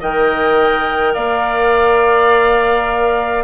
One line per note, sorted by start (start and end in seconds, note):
0.00 1.16 D#3
0.00 3.44 A#4
0.00 1.13 D#5
0.00 1.14 G5
1.13 3.44 A#3
1.13 3.44 D5
1.13 3.44 F5